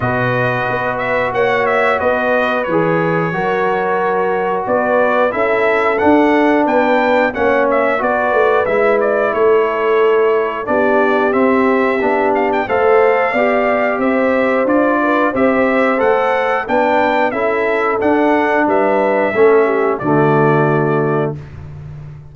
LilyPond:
<<
  \new Staff \with { instrumentName = "trumpet" } { \time 4/4 \tempo 4 = 90 dis''4. e''8 fis''8 e''8 dis''4 | cis''2. d''4 | e''4 fis''4 g''4 fis''8 e''8 | d''4 e''8 d''8 cis''2 |
d''4 e''4. f''16 g''16 f''4~ | f''4 e''4 d''4 e''4 | fis''4 g''4 e''4 fis''4 | e''2 d''2 | }
  \new Staff \with { instrumentName = "horn" } { \time 4/4 b'2 cis''4 b'4~ | b'4 ais'2 b'4 | a'2 b'4 cis''4 | b'2 a'2 |
g'2. c''4 | d''4 c''4. b'8 c''4~ | c''4 b'4 a'2 | b'4 a'8 g'8 fis'2 | }
  \new Staff \with { instrumentName = "trombone" } { \time 4/4 fis'1 | gis'4 fis'2. | e'4 d'2 cis'4 | fis'4 e'2. |
d'4 c'4 d'4 a'4 | g'2 f'4 g'4 | a'4 d'4 e'4 d'4~ | d'4 cis'4 a2 | }
  \new Staff \with { instrumentName = "tuba" } { \time 4/4 b,4 b4 ais4 b4 | e4 fis2 b4 | cis'4 d'4 b4 ais4 | b8 a8 gis4 a2 |
b4 c'4 b4 a4 | b4 c'4 d'4 c'4 | a4 b4 cis'4 d'4 | g4 a4 d2 | }
>>